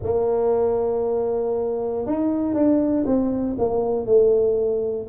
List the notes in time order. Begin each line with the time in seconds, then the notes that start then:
0.02 A#3
2.06 D#4
2.53 D4
3.05 C4
3.58 A#3
4.05 A3